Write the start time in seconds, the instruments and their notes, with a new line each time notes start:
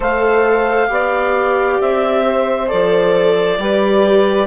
0.00 bassoon A3, viola A4, saxophone C5, clarinet F5
0.87 bassoon B3, viola G4, saxophone D5
1.80 bassoon C4, clarinet E5
2.24 saxophone C5
2.67 bassoon F3, viola A4, clarinet D5
3.58 bassoon G3, viola G4, saxophone B4